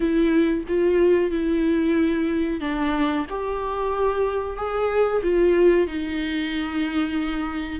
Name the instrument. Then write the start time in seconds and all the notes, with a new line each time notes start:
viola
0.00 E4
0.68 F4
1.30 E4
2.60 D4
3.29 G4
4.56 G#4
5.22 F4
5.87 D#4